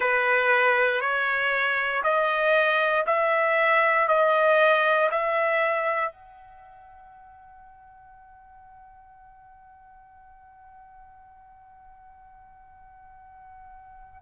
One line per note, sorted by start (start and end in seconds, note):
0.00 1.00 B4
1.00 2.02 C#5
2.03 3.05 D#5
3.06 4.07 E5
4.07 5.09 D#5
5.10 6.12 E5
6.12 14.22 F#5